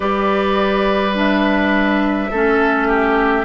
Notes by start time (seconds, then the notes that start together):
0.00 G3 G4 B4 D5
1.14 D4 E5
2.30 A3 C#4 A4
2.87 G4